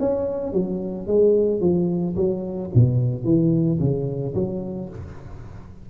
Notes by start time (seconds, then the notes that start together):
0.00 C#4
0.53 F#3
1.07 G#3
1.61 F3
2.16 F#3
2.74 B2
3.24 E3
3.80 C#3
4.34 F#3